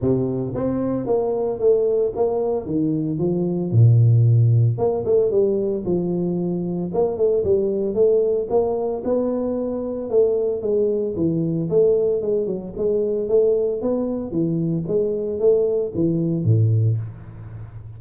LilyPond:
\new Staff \with { instrumentName = "tuba" } { \time 4/4 \tempo 4 = 113 c4 c'4 ais4 a4 | ais4 dis4 f4 ais,4~ | ais,4 ais8 a8 g4 f4~ | f4 ais8 a8 g4 a4 |
ais4 b2 a4 | gis4 e4 a4 gis8 fis8 | gis4 a4 b4 e4 | gis4 a4 e4 a,4 | }